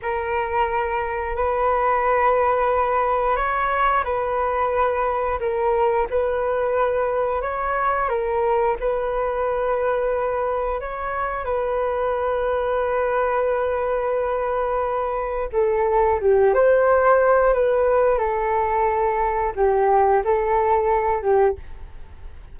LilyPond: \new Staff \with { instrumentName = "flute" } { \time 4/4 \tempo 4 = 89 ais'2 b'2~ | b'4 cis''4 b'2 | ais'4 b'2 cis''4 | ais'4 b'2. |
cis''4 b'2.~ | b'2. a'4 | g'8 c''4. b'4 a'4~ | a'4 g'4 a'4. g'8 | }